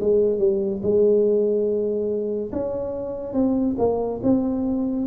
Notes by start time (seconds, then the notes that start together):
0.00 G#3
0.38 G3
0.82 G#3
2.52 C#4
3.33 C4
3.78 A#3
4.23 C4